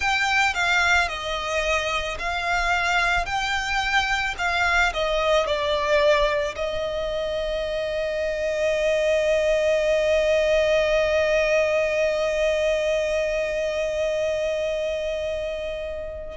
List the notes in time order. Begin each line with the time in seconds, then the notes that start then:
0.00 G5
0.54 F5
1.08 D#5
2.18 F5
3.25 G5
4.38 F5
4.93 D#5
5.46 D5
6.55 D#5